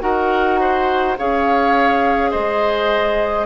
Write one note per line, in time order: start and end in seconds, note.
0.00 1.17 D#4
0.00 1.15 F#4
0.00 0.60 A#4
0.00 1.17 F#5
0.60 1.18 C5
1.18 2.34 C#4
1.18 3.46 G#4
1.18 2.31 C#5
1.18 2.31 F5
2.31 3.46 G#3
2.31 3.46 C5
2.31 3.46 D#5